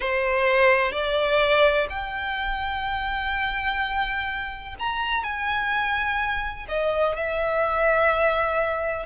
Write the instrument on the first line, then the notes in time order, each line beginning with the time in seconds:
violin
0.00 C5
0.92 D5
1.89 G5
4.79 A#5
5.23 G#5
6.68 D#5
7.16 E5